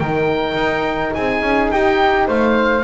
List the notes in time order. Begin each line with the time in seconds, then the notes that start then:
0.00 D#3 D#4 A#4 G5
0.55 D#4
1.14 C4 G#4 G#5
1.42 C#4
1.71 D#4 G4 G5
2.28 A3 C5 F5